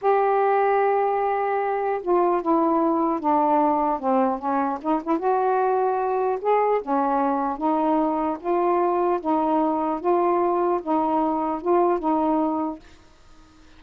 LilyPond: \new Staff \with { instrumentName = "saxophone" } { \time 4/4 \tempo 4 = 150 g'1~ | g'4 f'4 e'2 | d'2 c'4 cis'4 | dis'8 e'8 fis'2. |
gis'4 cis'2 dis'4~ | dis'4 f'2 dis'4~ | dis'4 f'2 dis'4~ | dis'4 f'4 dis'2 | }